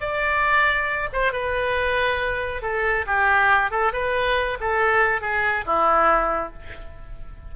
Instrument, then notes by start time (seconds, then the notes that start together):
oboe
0.00 D5
1.12 C5
1.32 B4
2.62 A4
3.06 G4
3.71 A4
3.92 B4
4.60 A4
5.21 G#4
5.65 E4